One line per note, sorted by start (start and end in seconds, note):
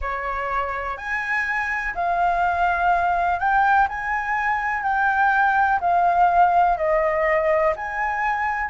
0.01 0.97 C#5
0.97 1.94 G#5
1.94 3.39 F5
3.39 3.87 G5
3.88 4.83 G#5
4.83 5.79 G5
5.80 6.77 F5
6.77 7.74 D#5
7.76 8.70 G#5